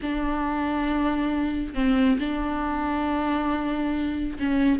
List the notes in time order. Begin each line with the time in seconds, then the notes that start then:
0.01 D4
1.74 C4
2.19 D4
4.39 C#4